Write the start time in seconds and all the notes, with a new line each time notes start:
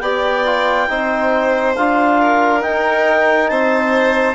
0.00 B3 G4 D5 G5
0.45 F4
0.89 C4 D#4 C5
1.75 D4 F4 F5
2.20 A#4
2.61 D#4 G5
3.48 C4 C5 A5